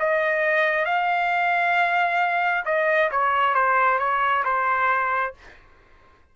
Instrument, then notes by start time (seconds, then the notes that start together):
trumpet
0.00 D#5
0.86 F5
2.66 D#5
3.12 C#5
3.55 C5
3.99 C#5
4.45 C5